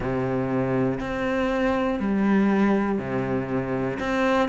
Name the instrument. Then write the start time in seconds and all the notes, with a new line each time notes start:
cello
0.00 C3
1.00 C4
1.99 G3
2.98 C3
4.00 C4